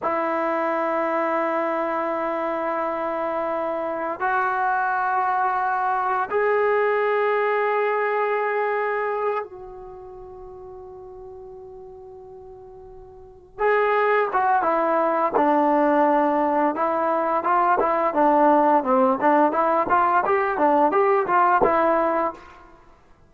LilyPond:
\new Staff \with { instrumentName = "trombone" } { \time 4/4 \tempo 4 = 86 e'1~ | e'2 fis'2~ | fis'4 gis'2.~ | gis'4. fis'2~ fis'8~ |
fis'2.~ fis'8 gis'8~ | gis'8 fis'8 e'4 d'2 | e'4 f'8 e'8 d'4 c'8 d'8 | e'8 f'8 g'8 d'8 g'8 f'8 e'4 | }